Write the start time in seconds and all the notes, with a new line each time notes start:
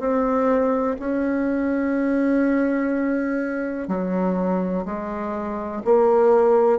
0.00 C4
0.99 C#4
3.88 F#3
4.86 G#3
5.85 A#3